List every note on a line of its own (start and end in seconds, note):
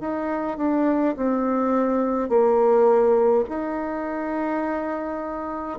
0.00 0.57 D#4
0.57 1.15 D4
1.16 2.29 C4
2.29 3.44 A#3
3.49 5.78 D#4